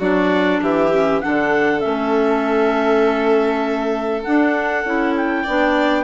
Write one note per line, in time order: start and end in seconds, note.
0.00 0.61 F#3
0.00 0.91 D4
0.00 0.61 F#4
0.00 0.62 D5
0.62 1.23 E3
0.62 1.23 G4
0.62 1.21 E5
0.93 1.22 C#4
1.21 1.85 D3
1.21 1.81 D4
1.21 5.44 A4
1.21 1.80 F#5
1.80 4.26 A3
1.80 4.23 C#4
1.80 4.23 E5
4.24 4.85 D4
4.24 4.86 D4
4.24 5.15 F#5
4.85 5.45 C#4
4.85 5.46 E4
5.17 6.05 G5
5.44 6.05 B3
5.44 6.05 D4
5.44 6.04 D5